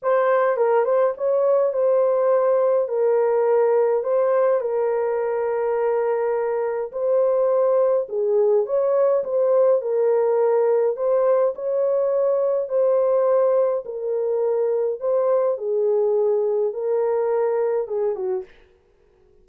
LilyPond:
\new Staff \with { instrumentName = "horn" } { \time 4/4 \tempo 4 = 104 c''4 ais'8 c''8 cis''4 c''4~ | c''4 ais'2 c''4 | ais'1 | c''2 gis'4 cis''4 |
c''4 ais'2 c''4 | cis''2 c''2 | ais'2 c''4 gis'4~ | gis'4 ais'2 gis'8 fis'8 | }